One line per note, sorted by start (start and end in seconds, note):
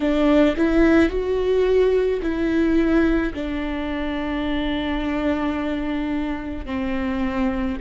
0.00 0.55 D4
0.56 1.09 E4
1.09 2.20 F#4
2.22 3.33 E4
3.34 6.65 D4
6.65 7.76 C4